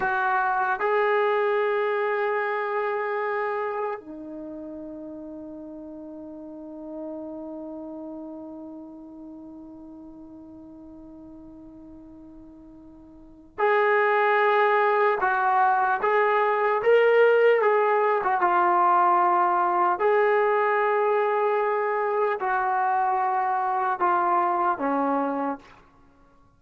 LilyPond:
\new Staff \with { instrumentName = "trombone" } { \time 4/4 \tempo 4 = 75 fis'4 gis'2.~ | gis'4 dis'2.~ | dis'1~ | dis'1~ |
dis'4 gis'2 fis'4 | gis'4 ais'4 gis'8. fis'16 f'4~ | f'4 gis'2. | fis'2 f'4 cis'4 | }